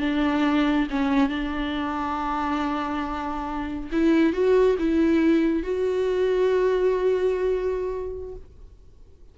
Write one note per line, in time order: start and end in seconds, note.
0.00 0.87 D4
0.90 1.28 C#4
1.28 3.89 D4
3.92 4.33 E4
4.33 4.76 F#4
4.78 5.63 E4
5.63 8.35 F#4